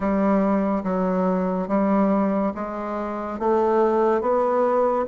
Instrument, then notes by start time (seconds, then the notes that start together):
bassoon
0.00 G3
0.83 F#3
1.68 G3
2.55 G#3
3.39 A3
4.21 B3